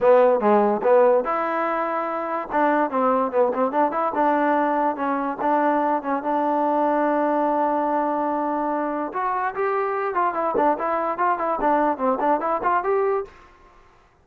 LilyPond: \new Staff \with { instrumentName = "trombone" } { \time 4/4 \tempo 4 = 145 b4 gis4 b4 e'4~ | e'2 d'4 c'4 | b8 c'8 d'8 e'8 d'2 | cis'4 d'4. cis'8 d'4~ |
d'1~ | d'2 fis'4 g'4~ | g'8 f'8 e'8 d'8 e'4 f'8 e'8 | d'4 c'8 d'8 e'8 f'8 g'4 | }